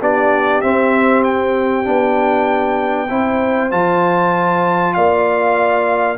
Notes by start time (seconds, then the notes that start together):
0.00 B3 D4 G4 D5
0.61 C4 E5
1.24 G5
1.84 B3 D4
3.09 C4 E4 C5
3.70 F3 F4 A5
4.93 A#3 D5 F5